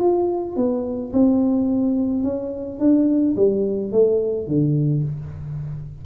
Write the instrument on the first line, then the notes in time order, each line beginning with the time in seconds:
tuba
0.00 F4
0.56 B3
1.13 C4
2.24 C#4
2.79 D4
3.36 G3
3.92 A3
4.48 D3